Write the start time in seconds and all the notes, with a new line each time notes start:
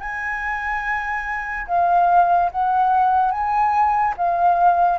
0.00 G#5
1.67 F5
2.51 F#5
3.31 G#5
4.17 F5